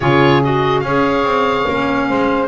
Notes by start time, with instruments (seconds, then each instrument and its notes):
0.00 double bass C#3, clarinet F4, saxophone G#4, oboe C#5
0.43 clarinet F#4, oboe D#5
0.80 double bass C#4, saxophone C#5, oboe F5
0.86 clarinet G#4
1.24 double bass C4
1.69 double bass A#3, clarinet C#4
2.08 double bass G#3, saxophone C5